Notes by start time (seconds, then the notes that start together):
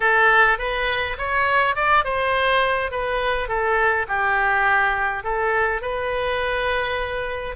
0.00 A4
0.58 B4
1.18 C#5
1.75 D5
2.04 C5
2.91 B4
3.48 A4
4.08 G4
5.23 A4
5.81 B4